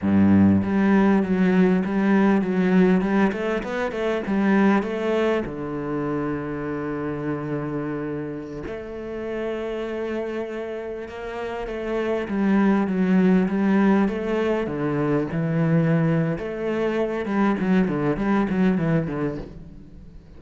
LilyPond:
\new Staff \with { instrumentName = "cello" } { \time 4/4 \tempo 4 = 99 g,4 g4 fis4 g4 | fis4 g8 a8 b8 a8 g4 | a4 d2.~ | d2~ d16 a4.~ a16~ |
a2~ a16 ais4 a8.~ | a16 g4 fis4 g4 a8.~ | a16 d4 e4.~ e16 a4~ | a8 g8 fis8 d8 g8 fis8 e8 d8 | }